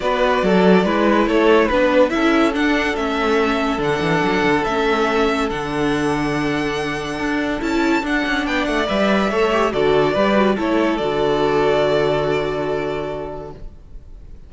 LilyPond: <<
  \new Staff \with { instrumentName = "violin" } { \time 4/4 \tempo 4 = 142 d''2. cis''4 | b'4 e''4 fis''4 e''4~ | e''4 fis''2 e''4~ | e''4 fis''2.~ |
fis''2 a''4 fis''4 | g''8 fis''8 e''2 d''4~ | d''4 cis''4 d''2~ | d''1 | }
  \new Staff \with { instrumentName = "violin" } { \time 4/4 b'4 a'4 b'4 a'4 | b'4 a'2.~ | a'1~ | a'1~ |
a'1 | d''2 cis''4 a'4 | b'4 a'2.~ | a'1 | }
  \new Staff \with { instrumentName = "viola" } { \time 4/4 fis'2 e'2 | d'4 e'4 d'4 cis'4~ | cis'4 d'2 cis'4~ | cis'4 d'2.~ |
d'2 e'4 d'4~ | d'4 b'4 a'8 g'8 fis'4 | g'8 fis'8 e'4 fis'2~ | fis'1 | }
  \new Staff \with { instrumentName = "cello" } { \time 4/4 b4 fis4 gis4 a4 | b4 cis'4 d'4 a4~ | a4 d8 e8 fis8 d8 a4~ | a4 d2.~ |
d4 d'4 cis'4 d'8 cis'8 | b8 a8 g4 a4 d4 | g4 a4 d2~ | d1 | }
>>